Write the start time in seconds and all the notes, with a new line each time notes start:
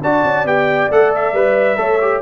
0.00 D4 F#4 D5 A5
0.24 C#4
0.44 B3 G4 G5
0.90 A3 A4 F#5
1.15 E5
1.32 G3 B4
1.76 A3 A4 C#5
2.01 G4